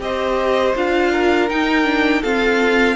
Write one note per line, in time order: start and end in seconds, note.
0.00 0.74 C4
0.00 0.75 G4
0.00 1.12 C5
0.00 0.76 D#5
0.76 1.50 D4
0.76 1.50 F4
0.76 1.50 F5
1.12 2.22 A#4
1.50 1.84 D#4
1.50 2.24 D#4
1.50 2.23 G5
1.84 2.21 D4
2.22 2.96 C4
2.22 2.96 F4
2.22 2.96 A4
2.22 2.96 F5